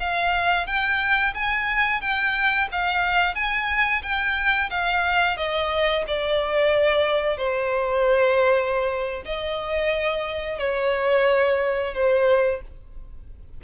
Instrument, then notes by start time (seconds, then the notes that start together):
violin
0.00 F5
0.66 G5
1.34 G#5
2.01 G5
2.72 F5
3.35 G#5
4.03 G5
4.70 F5
5.37 D#5
6.08 D5
7.38 C5
9.26 D#5
10.59 C#5
11.94 C5